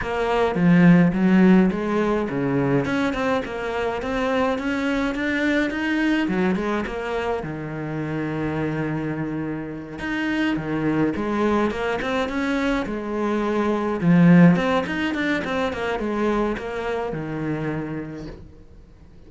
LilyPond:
\new Staff \with { instrumentName = "cello" } { \time 4/4 \tempo 4 = 105 ais4 f4 fis4 gis4 | cis4 cis'8 c'8 ais4 c'4 | cis'4 d'4 dis'4 fis8 gis8 | ais4 dis2.~ |
dis4. dis'4 dis4 gis8~ | gis8 ais8 c'8 cis'4 gis4.~ | gis8 f4 c'8 dis'8 d'8 c'8 ais8 | gis4 ais4 dis2 | }